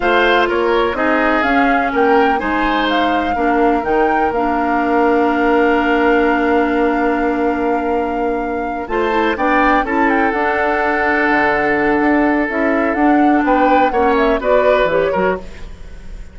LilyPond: <<
  \new Staff \with { instrumentName = "flute" } { \time 4/4 \tempo 4 = 125 f''4 cis''4 dis''4 f''4 | g''4 gis''4 f''2 | g''4 f''2.~ | f''1~ |
f''2~ f''8 a''4 g''8~ | g''8 a''8 g''8 fis''2~ fis''8~ | fis''2 e''4 fis''4 | g''4 fis''8 e''8 d''4 cis''4 | }
  \new Staff \with { instrumentName = "oboe" } { \time 4/4 c''4 ais'4 gis'2 | ais'4 c''2 ais'4~ | ais'1~ | ais'1~ |
ais'2~ ais'8 c''4 d''8~ | d''8 a'2.~ a'8~ | a'1 | b'4 cis''4 b'4. ais'8 | }
  \new Staff \with { instrumentName = "clarinet" } { \time 4/4 f'2 dis'4 cis'4~ | cis'4 dis'2 d'4 | dis'4 d'2.~ | d'1~ |
d'2~ d'8 f'8 e'8 d'8~ | d'8 e'4 d'2~ d'8~ | d'2 e'4 d'4~ | d'4 cis'4 fis'4 g'8 fis'8 | }
  \new Staff \with { instrumentName = "bassoon" } { \time 4/4 a4 ais4 c'4 cis'4 | ais4 gis2 ais4 | dis4 ais2.~ | ais1~ |
ais2~ ais8 a4 b8~ | b8 cis'4 d'2 d8~ | d4 d'4 cis'4 d'4 | b4 ais4 b4 e8 fis8 | }
>>